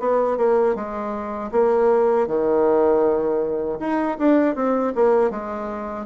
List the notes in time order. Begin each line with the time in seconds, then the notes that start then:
0.00 B3
0.37 A#3
0.75 G#3
1.52 A#3
2.27 D#3
3.80 D#4
4.18 D4
4.55 C4
4.95 A#3
5.30 G#3